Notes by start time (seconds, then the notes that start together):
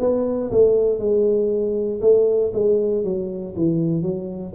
0.00 B3
0.51 A3
0.99 G#3
2.02 A3
2.54 G#3
3.04 F#3
3.56 E3
4.03 F#3